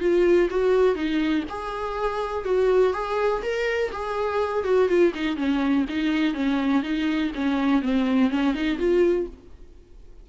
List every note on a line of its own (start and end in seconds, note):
0.00 0.49 F4
0.50 0.96 F#4
0.96 1.44 D#4
1.49 2.45 G#4
2.45 2.93 F#4
2.93 3.42 G#4
3.42 3.91 A#4
3.92 4.64 G#4
4.64 4.89 F#4
4.89 5.13 F4
5.15 5.36 D#4
5.36 5.85 C#4
5.89 6.34 D#4
6.34 6.83 C#4
6.83 7.32 D#4
7.35 7.82 C#4
7.82 8.31 C4
8.31 8.54 C#4
8.54 8.78 D#4
8.78 9.27 F4